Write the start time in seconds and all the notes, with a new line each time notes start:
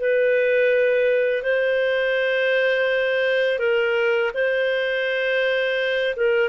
0.00 B4
1.43 C5
3.59 A#4
4.34 C5
6.16 A#4